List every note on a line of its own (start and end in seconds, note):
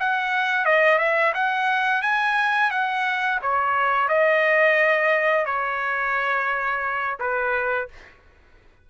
0.00 0.66 F#5
0.66 0.99 D#5
0.99 1.33 E5
1.34 2.03 F#5
2.03 2.71 G#5
2.71 3.40 F#5
3.42 4.09 C#5
4.09 5.46 D#5
5.46 7.18 C#5
7.20 7.89 B4